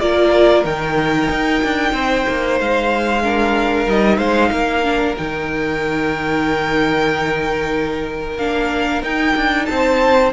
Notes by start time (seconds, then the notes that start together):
0.00 A#3 F4 A#4 D5
0.64 D#3 D#4 G5
1.30 D#4
1.64 D4
1.93 C4 C5
2.29 A#3
2.60 G#3 F5
3.23 D4 A#4
3.86 G3 D#4 D#5
4.18 G#3 C5 F5
4.51 A#3 A#4
4.83 D4
5.17 D#3 D#4 G5
8.37 A#3 D4 F5
9.03 D#4 G5
9.36 D4
9.65 C4 C5 A5